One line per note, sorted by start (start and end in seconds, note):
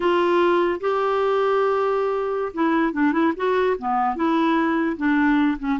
0.00 0.79 F4
0.80 2.52 G4
2.53 2.92 E4
2.92 3.12 D4
3.12 3.32 E4
3.36 3.76 F#4
3.78 4.15 B3
4.15 4.96 E4
4.97 5.57 D4
5.58 5.79 C#4